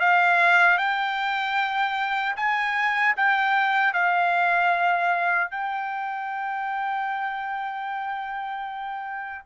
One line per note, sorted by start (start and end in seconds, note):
0.00 0.78 F5
0.78 2.36 G5
2.36 3.15 G#5
3.17 3.94 G5
3.94 5.51 F5
5.51 9.46 G5